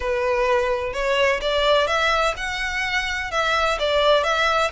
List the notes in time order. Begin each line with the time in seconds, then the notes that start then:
0.00 B4
0.93 C#5
1.41 D5
1.87 E5
2.36 F#5
3.31 E5
3.79 D5
4.23 E5